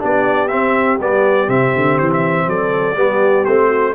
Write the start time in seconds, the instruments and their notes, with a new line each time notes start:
0.00 tuba B3, trombone D4, horn G4, trumpet D5
0.48 trombone C4, tuba C4, trumpet E5
1.00 tuba G3, trombone B3, trumpet D5
1.48 tuba C3, trombone C4, trumpet E5
1.76 tuba D3
1.98 tuba E3, trumpet C5
2.13 trumpet E5
2.47 tuba F#3, horn A4, trumpet D5
2.96 tuba G3, trombone B3, horn G4
3.45 tuba A3, trombone C4, trumpet C5
3.67 horn F#4